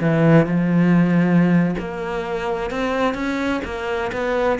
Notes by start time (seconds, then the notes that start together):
0.00 E3
0.46 F3
1.78 A#3
2.70 C4
3.14 C#4
3.64 A#3
4.12 B3